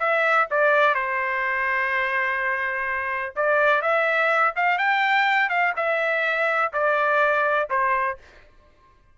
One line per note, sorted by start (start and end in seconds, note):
0.00 0.48 E5
0.51 0.95 D5
0.95 3.35 C5
3.36 3.82 D5
3.82 4.54 E5
4.56 4.78 F5
4.78 5.50 G5
5.50 5.74 F5
5.76 6.72 E5
6.73 7.69 D5
7.70 8.18 C5